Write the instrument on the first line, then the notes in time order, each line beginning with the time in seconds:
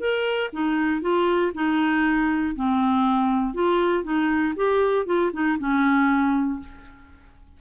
clarinet
0.00 A#4
0.53 D#4
1.02 F4
1.54 D#4
2.56 C4
3.54 F4
4.03 D#4
4.56 G4
5.06 F4
5.33 D#4
5.59 C#4